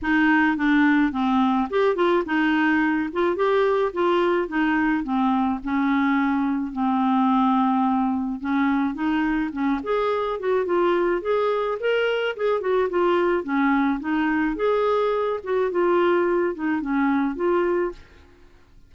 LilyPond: \new Staff \with { instrumentName = "clarinet" } { \time 4/4 \tempo 4 = 107 dis'4 d'4 c'4 g'8 f'8 | dis'4. f'8 g'4 f'4 | dis'4 c'4 cis'2 | c'2. cis'4 |
dis'4 cis'8 gis'4 fis'8 f'4 | gis'4 ais'4 gis'8 fis'8 f'4 | cis'4 dis'4 gis'4. fis'8 | f'4. dis'8 cis'4 f'4 | }